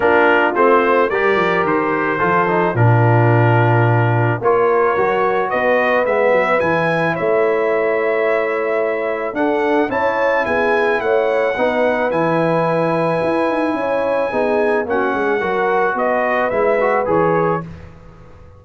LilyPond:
<<
  \new Staff \with { instrumentName = "trumpet" } { \time 4/4 \tempo 4 = 109 ais'4 c''4 d''4 c''4~ | c''4 ais'2. | cis''2 dis''4 e''4 | gis''4 e''2.~ |
e''4 fis''4 a''4 gis''4 | fis''2 gis''2~ | gis''2. fis''4~ | fis''4 dis''4 e''4 cis''4 | }
  \new Staff \with { instrumentName = "horn" } { \time 4/4 f'2 ais'2 | a'4 f'2. | ais'2 b'2~ | b'4 cis''2.~ |
cis''4 a'4 cis''4 gis'4 | cis''4 b'2.~ | b'4 cis''4 gis'4 fis'8 gis'8 | ais'4 b'2. | }
  \new Staff \with { instrumentName = "trombone" } { \time 4/4 d'4 c'4 g'2 | f'8 dis'8 d'2. | f'4 fis'2 b4 | e'1~ |
e'4 d'4 e'2~ | e'4 dis'4 e'2~ | e'2 dis'4 cis'4 | fis'2 e'8 fis'8 gis'4 | }
  \new Staff \with { instrumentName = "tuba" } { \time 4/4 ais4 a4 g8 f8 dis4 | f4 ais,2. | ais4 fis4 b4 gis8 fis8 | e4 a2.~ |
a4 d'4 cis'4 b4 | a4 b4 e2 | e'8 dis'8 cis'4 b4 ais8 gis8 | fis4 b4 gis4 e4 | }
>>